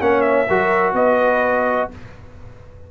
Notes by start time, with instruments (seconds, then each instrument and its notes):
0.00 tuba A#3, trombone C#4, horn C#5, trumpet F#5
0.21 trumpet E5
0.48 tuba F#3, trombone F#4, horn A#4
0.94 tuba B3, horn B4, trumpet D#5